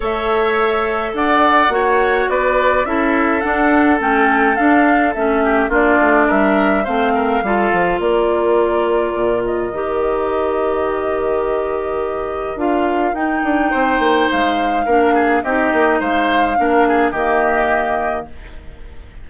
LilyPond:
<<
  \new Staff \with { instrumentName = "flute" } { \time 4/4 \tempo 4 = 105 e''2 fis''2 | d''4 e''4 fis''4 g''4 | f''4 e''4 d''4 e''4 | f''2 d''2~ |
d''8 dis''2.~ dis''8~ | dis''2 f''4 g''4~ | g''4 f''2 dis''4 | f''2 dis''2 | }
  \new Staff \with { instrumentName = "oboe" } { \time 4/4 cis''2 d''4 cis''4 | b'4 a'2.~ | a'4. g'8 f'4 ais'4 | c''8 ais'8 a'4 ais'2~ |
ais'1~ | ais'1 | c''2 ais'8 gis'8 g'4 | c''4 ais'8 gis'8 g'2 | }
  \new Staff \with { instrumentName = "clarinet" } { \time 4/4 a'2. fis'4~ | fis'4 e'4 d'4 cis'4 | d'4 cis'4 d'2 | c'4 f'2.~ |
f'4 g'2.~ | g'2 f'4 dis'4~ | dis'2 d'4 dis'4~ | dis'4 d'4 ais2 | }
  \new Staff \with { instrumentName = "bassoon" } { \time 4/4 a2 d'4 ais4 | b4 cis'4 d'4 a4 | d'4 a4 ais8 a8 g4 | a4 g8 f8 ais2 |
ais,4 dis2.~ | dis2 d'4 dis'8 d'8 | c'8 ais8 gis4 ais4 c'8 ais8 | gis4 ais4 dis2 | }
>>